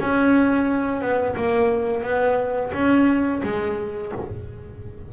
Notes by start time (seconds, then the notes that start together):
0.00 C#4
1.02 B3
1.36 A#3
2.03 B3
2.73 C#4
3.43 G#3